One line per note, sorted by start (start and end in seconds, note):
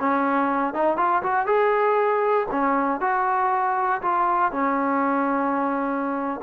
0.00 0.74 C#4
0.74 0.97 D#4
0.97 1.22 F4
1.23 1.47 F#4
1.47 2.48 G#4
2.51 3.01 C#4
3.01 4.02 F#4
4.02 4.52 F4
4.52 6.41 C#4